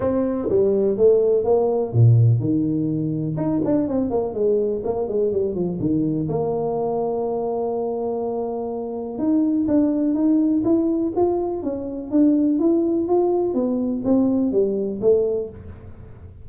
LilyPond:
\new Staff \with { instrumentName = "tuba" } { \time 4/4 \tempo 4 = 124 c'4 g4 a4 ais4 | ais,4 dis2 dis'8 d'8 | c'8 ais8 gis4 ais8 gis8 g8 f8 | dis4 ais2.~ |
ais2. dis'4 | d'4 dis'4 e'4 f'4 | cis'4 d'4 e'4 f'4 | b4 c'4 g4 a4 | }